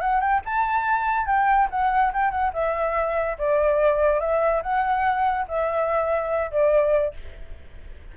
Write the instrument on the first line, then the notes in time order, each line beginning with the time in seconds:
flute
0.00 F#5
0.20 G5
0.45 A5
1.26 G5
1.70 F#5
2.13 G5
2.30 F#5
2.53 E5
3.38 D5
4.19 E5
4.62 F#5
5.48 E5
6.51 D5